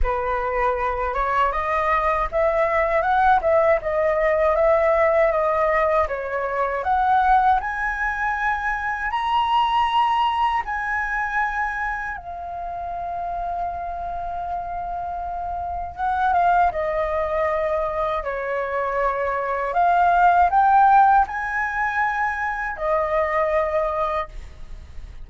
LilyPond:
\new Staff \with { instrumentName = "flute" } { \time 4/4 \tempo 4 = 79 b'4. cis''8 dis''4 e''4 | fis''8 e''8 dis''4 e''4 dis''4 | cis''4 fis''4 gis''2 | ais''2 gis''2 |
f''1~ | f''4 fis''8 f''8 dis''2 | cis''2 f''4 g''4 | gis''2 dis''2 | }